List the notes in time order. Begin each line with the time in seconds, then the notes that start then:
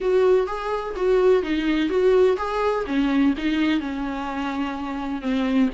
0.00 F#4
0.46 G#4
0.95 F#4
1.42 D#4
1.89 F#4
2.37 G#4
2.86 C#4
3.37 D#4
3.80 C#4
5.21 C4